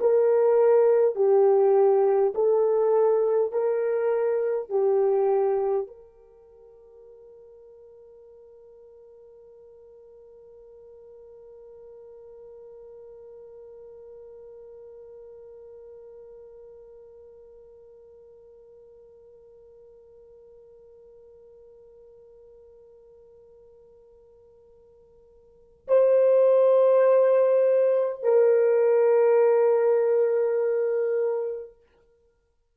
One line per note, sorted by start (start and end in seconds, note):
0.00 1.16 A#4
1.16 2.33 G4
2.34 3.52 A4
3.52 4.69 A#4
4.69 5.87 G4
5.87 25.87 A#4
25.88 28.23 C5
28.23 31.76 A#4